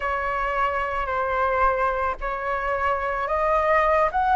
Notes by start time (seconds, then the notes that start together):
0.00 C#5
1.06 C5
2.20 C#5
3.27 D#5
4.11 F#5